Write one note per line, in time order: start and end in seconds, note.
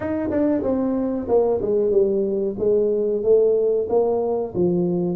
0.00 0.30 D#4
0.30 0.62 D4
0.62 1.27 C4
1.28 1.60 A#3
1.61 1.91 G#3
1.91 2.55 G3
2.58 3.23 G#3
3.23 3.87 A3
3.89 4.53 A#3
4.55 5.16 F3